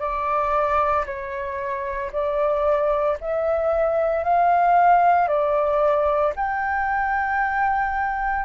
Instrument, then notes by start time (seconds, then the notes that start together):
flute
0.00 D5
1.06 C#5
2.12 D5
3.21 E5
4.24 F5
5.28 D5
6.36 G5